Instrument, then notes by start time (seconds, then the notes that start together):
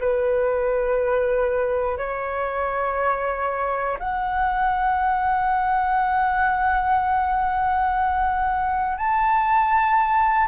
flute
0.00 B4
1.98 C#5
3.99 F#5
8.98 A5